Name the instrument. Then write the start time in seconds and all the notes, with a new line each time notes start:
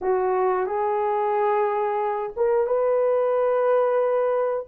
horn
0.01 F#4
0.66 G#4
2.36 A#4
2.66 B4